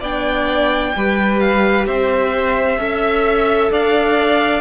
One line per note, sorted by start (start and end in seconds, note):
0.00 0.93 B3
0.00 0.95 D4
0.00 0.92 D5
0.00 1.39 G5
0.95 1.87 G3
0.95 2.78 G4
0.95 1.87 B4
1.39 1.86 F5
1.86 2.78 C4
1.86 2.79 C5
1.86 3.71 E5
2.78 3.70 C#4
2.78 4.60 A4
2.78 3.71 E5
3.70 4.60 D4
3.70 4.60 D5
3.70 4.60 F5